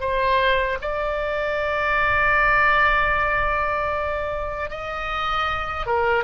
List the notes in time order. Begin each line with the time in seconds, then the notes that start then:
0.00 C5
0.81 D5
4.70 D#5
5.86 A#4